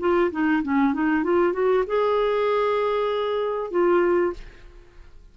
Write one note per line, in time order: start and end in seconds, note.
0.00 0.31 F4
0.32 0.63 D#4
0.64 0.94 C#4
0.94 1.24 D#4
1.24 1.53 F4
1.53 1.85 F#4
1.87 3.71 G#4
3.71 4.34 F4